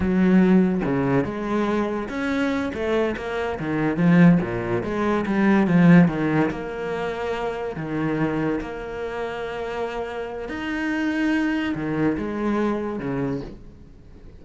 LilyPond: \new Staff \with { instrumentName = "cello" } { \time 4/4 \tempo 4 = 143 fis2 cis4 gis4~ | gis4 cis'4. a4 ais8~ | ais8 dis4 f4 ais,4 gis8~ | gis8 g4 f4 dis4 ais8~ |
ais2~ ais8 dis4.~ | dis8 ais2.~ ais8~ | ais4 dis'2. | dis4 gis2 cis4 | }